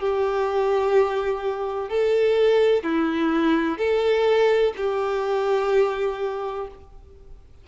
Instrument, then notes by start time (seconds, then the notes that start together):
violin
0.00 G4
1.90 A4
2.83 E4
3.78 A4
4.77 G4